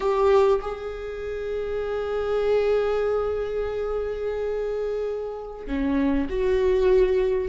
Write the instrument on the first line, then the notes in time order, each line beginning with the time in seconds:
viola
0.00 G4
0.61 G#4
5.66 C#4
6.29 F#4